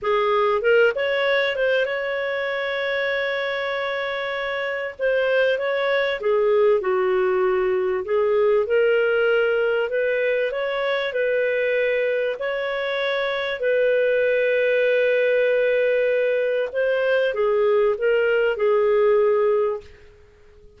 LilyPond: \new Staff \with { instrumentName = "clarinet" } { \time 4/4 \tempo 4 = 97 gis'4 ais'8 cis''4 c''8 cis''4~ | cis''1 | c''4 cis''4 gis'4 fis'4~ | fis'4 gis'4 ais'2 |
b'4 cis''4 b'2 | cis''2 b'2~ | b'2. c''4 | gis'4 ais'4 gis'2 | }